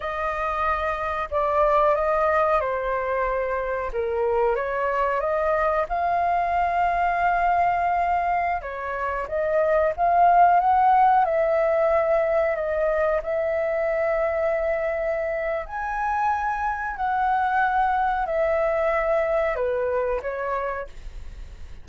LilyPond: \new Staff \with { instrumentName = "flute" } { \time 4/4 \tempo 4 = 92 dis''2 d''4 dis''4 | c''2 ais'4 cis''4 | dis''4 f''2.~ | f''4~ f''16 cis''4 dis''4 f''8.~ |
f''16 fis''4 e''2 dis''8.~ | dis''16 e''2.~ e''8. | gis''2 fis''2 | e''2 b'4 cis''4 | }